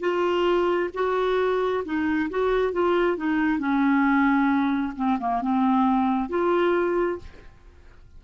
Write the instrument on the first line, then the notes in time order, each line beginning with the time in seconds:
clarinet
0.00 F4
0.94 F#4
1.85 D#4
2.30 F#4
2.72 F4
3.17 D#4
3.59 C#4
4.96 C4
5.19 A#3
5.42 C4
6.29 F4